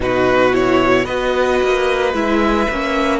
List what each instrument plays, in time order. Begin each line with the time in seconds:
0.00 cello B2, viola D#4, violin F#4 B4
0.51 viola E4, violin C#5
1.04 cello B3, viola F#4, violin B4 D#5
1.63 cello A#3
2.13 cello G#3, viola E4, violin E5
2.70 cello A#3, viola C#4